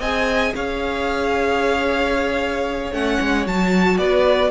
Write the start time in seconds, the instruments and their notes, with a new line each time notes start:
0.00 cello C4, viola G#4, violin D#5 G#5
0.56 cello C#4, violin C#5 F5
2.92 cello A3, viola C#4, violin F#5
3.21 cello G#3
3.46 cello F#3, viola F#4, violin A5
3.98 cello B3, violin B4 D5